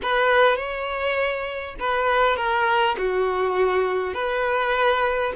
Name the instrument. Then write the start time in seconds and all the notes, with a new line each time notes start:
violin
0.02 B4
0.56 C#5
1.79 B4
2.36 A#4
2.98 F#4
4.14 B4